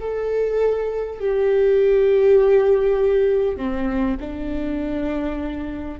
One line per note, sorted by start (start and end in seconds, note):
0.00 1.20 A4
1.20 3.57 G4
3.57 4.17 C4
4.20 6.00 D4